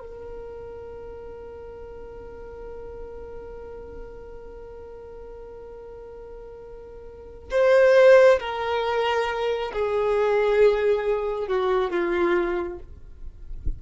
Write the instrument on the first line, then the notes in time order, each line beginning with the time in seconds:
violin
0.00 A#4
7.51 C5
8.40 A#4
9.73 G#4
11.48 F#4
11.91 F4